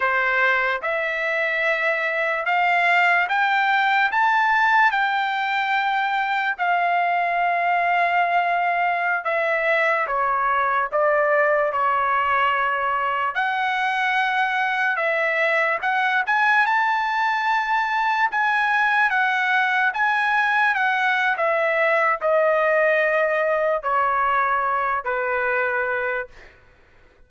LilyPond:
\new Staff \with { instrumentName = "trumpet" } { \time 4/4 \tempo 4 = 73 c''4 e''2 f''4 | g''4 a''4 g''2 | f''2.~ f''16 e''8.~ | e''16 cis''4 d''4 cis''4.~ cis''16~ |
cis''16 fis''2 e''4 fis''8 gis''16~ | gis''16 a''2 gis''4 fis''8.~ | fis''16 gis''4 fis''8. e''4 dis''4~ | dis''4 cis''4. b'4. | }